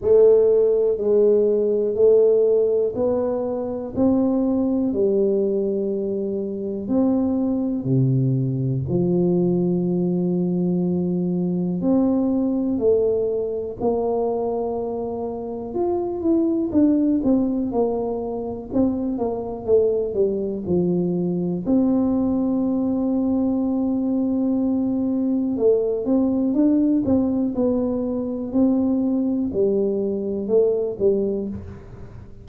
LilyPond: \new Staff \with { instrumentName = "tuba" } { \time 4/4 \tempo 4 = 61 a4 gis4 a4 b4 | c'4 g2 c'4 | c4 f2. | c'4 a4 ais2 |
f'8 e'8 d'8 c'8 ais4 c'8 ais8 | a8 g8 f4 c'2~ | c'2 a8 c'8 d'8 c'8 | b4 c'4 g4 a8 g8 | }